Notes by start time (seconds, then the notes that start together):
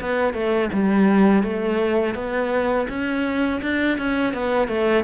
0.00 B3
0.33 A3
0.73 G3
1.43 A3
2.15 B3
2.88 C#4
3.62 D4
3.98 C#4
4.33 B3
4.68 A3